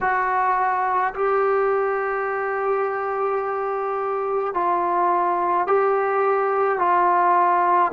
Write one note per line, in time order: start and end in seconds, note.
0.00 1.13 F#4
1.14 4.54 G4
4.54 5.67 F4
5.67 6.78 G4
6.78 7.91 F4